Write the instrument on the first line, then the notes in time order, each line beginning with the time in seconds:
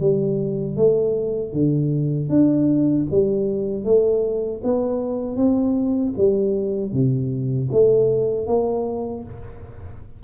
tuba
0.00 G3
0.76 A3
1.52 D3
2.29 D4
3.10 G3
3.84 A3
4.63 B3
5.36 C4
6.17 G3
6.92 C3
7.72 A3
8.47 A#3